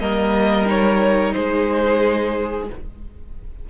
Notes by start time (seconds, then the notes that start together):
0.00 G3 A#3 A#4 D#5
0.66 D#4 C#5
1.33 G#3 G#4 C5